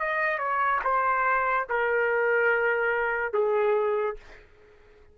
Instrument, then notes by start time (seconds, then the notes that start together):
trumpet
0.00 D#5
0.39 C#5
0.84 C5
1.69 A#4
3.34 G#4